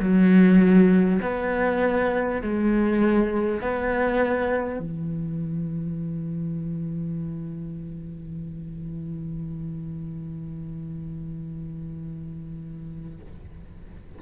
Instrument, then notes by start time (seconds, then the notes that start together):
cello
0.00 F#3
1.22 B3
2.42 G#3
3.61 B3
4.79 E3